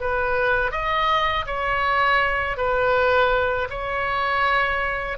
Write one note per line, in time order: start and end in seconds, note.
0.00 0.71 B4
0.71 1.45 D#5
1.46 2.57 C#5
2.57 3.68 B4
3.69 5.17 C#5